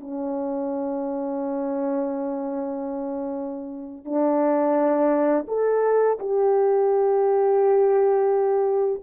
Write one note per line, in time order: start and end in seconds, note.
0.00 4.05 C#4
4.05 5.46 D4
5.48 6.18 A4
6.19 9.02 G4